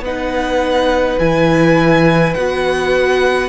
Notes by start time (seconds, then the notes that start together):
0.00 B3 D#4 B4 F#5
1.19 E3 E4 G#5
2.34 B3 F#4 F#5